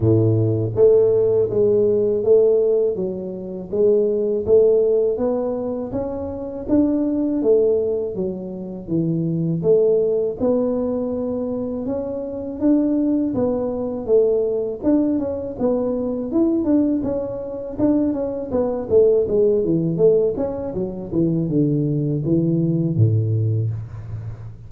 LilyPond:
\new Staff \with { instrumentName = "tuba" } { \time 4/4 \tempo 4 = 81 a,4 a4 gis4 a4 | fis4 gis4 a4 b4 | cis'4 d'4 a4 fis4 | e4 a4 b2 |
cis'4 d'4 b4 a4 | d'8 cis'8 b4 e'8 d'8 cis'4 | d'8 cis'8 b8 a8 gis8 e8 a8 cis'8 | fis8 e8 d4 e4 a,4 | }